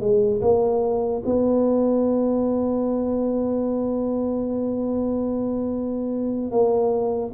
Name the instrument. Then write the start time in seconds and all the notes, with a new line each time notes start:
tuba
0.00 G#3
0.41 A#3
1.25 B3
6.51 A#3